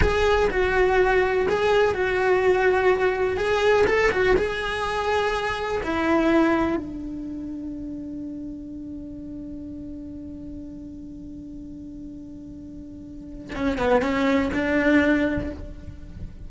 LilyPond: \new Staff \with { instrumentName = "cello" } { \time 4/4 \tempo 4 = 124 gis'4 fis'2 gis'4 | fis'2. gis'4 | a'8 fis'8 gis'2. | e'2 d'2~ |
d'1~ | d'1~ | d'1 | cis'8 b8 cis'4 d'2 | }